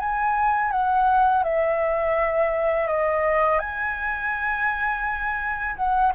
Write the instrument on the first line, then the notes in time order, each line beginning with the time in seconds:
flute
0.00 G#5
0.72 F#5
1.44 E5
2.88 D#5
3.59 G#5
5.77 F#5